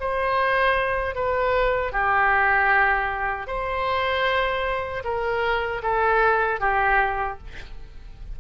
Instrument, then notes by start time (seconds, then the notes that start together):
oboe
0.00 C5
1.15 B4
1.92 G4
3.47 C5
5.04 A#4
5.83 A4
6.60 G4